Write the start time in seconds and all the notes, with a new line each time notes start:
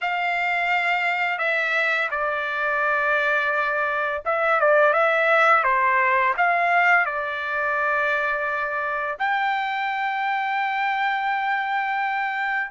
0.01 F5
1.38 E5
2.10 D5
4.25 E5
4.60 D5
4.93 E5
5.63 C5
6.37 F5
7.05 D5
9.19 G5